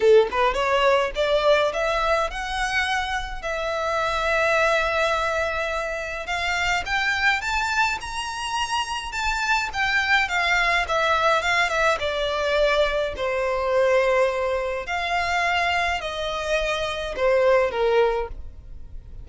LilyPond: \new Staff \with { instrumentName = "violin" } { \time 4/4 \tempo 4 = 105 a'8 b'8 cis''4 d''4 e''4 | fis''2 e''2~ | e''2. f''4 | g''4 a''4 ais''2 |
a''4 g''4 f''4 e''4 | f''8 e''8 d''2 c''4~ | c''2 f''2 | dis''2 c''4 ais'4 | }